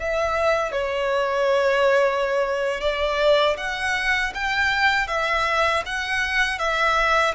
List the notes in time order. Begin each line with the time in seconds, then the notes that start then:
0.00 E5
0.72 C#5
2.81 D5
3.58 F#5
4.34 G5
5.08 E5
5.86 F#5
6.59 E5